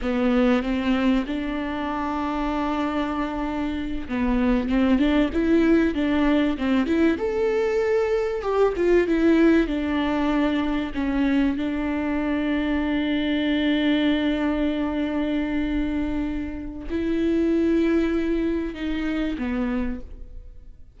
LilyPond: \new Staff \with { instrumentName = "viola" } { \time 4/4 \tempo 4 = 96 b4 c'4 d'2~ | d'2~ d'8 b4 c'8 | d'8 e'4 d'4 c'8 e'8 a'8~ | a'4. g'8 f'8 e'4 d'8~ |
d'4. cis'4 d'4.~ | d'1~ | d'2. e'4~ | e'2 dis'4 b4 | }